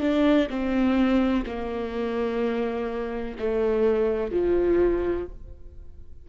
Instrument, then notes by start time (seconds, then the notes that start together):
viola
0.00 D4
0.50 C4
1.46 A#3
3.39 A3
4.31 F3